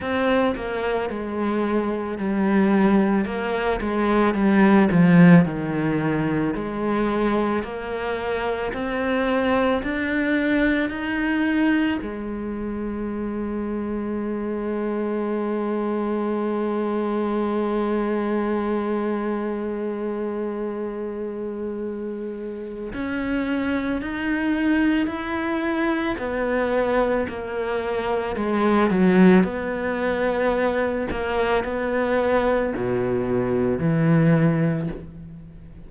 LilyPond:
\new Staff \with { instrumentName = "cello" } { \time 4/4 \tempo 4 = 55 c'8 ais8 gis4 g4 ais8 gis8 | g8 f8 dis4 gis4 ais4 | c'4 d'4 dis'4 gis4~ | gis1~ |
gis1~ | gis4 cis'4 dis'4 e'4 | b4 ais4 gis8 fis8 b4~ | b8 ais8 b4 b,4 e4 | }